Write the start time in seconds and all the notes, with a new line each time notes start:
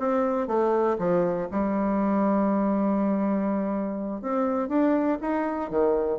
0.00 C4
0.48 A3
0.99 F3
1.52 G3
4.22 C4
4.69 D4
5.22 D#4
5.70 D#3